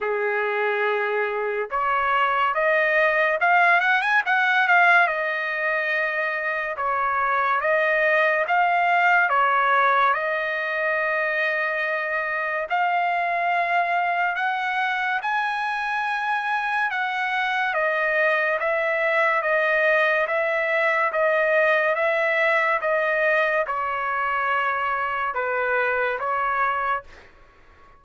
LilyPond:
\new Staff \with { instrumentName = "trumpet" } { \time 4/4 \tempo 4 = 71 gis'2 cis''4 dis''4 | f''8 fis''16 gis''16 fis''8 f''8 dis''2 | cis''4 dis''4 f''4 cis''4 | dis''2. f''4~ |
f''4 fis''4 gis''2 | fis''4 dis''4 e''4 dis''4 | e''4 dis''4 e''4 dis''4 | cis''2 b'4 cis''4 | }